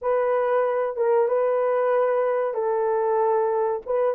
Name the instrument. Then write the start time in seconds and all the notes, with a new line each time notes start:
horn
0.01 B4
0.96 A#4
1.28 B4
2.54 A4
3.86 B4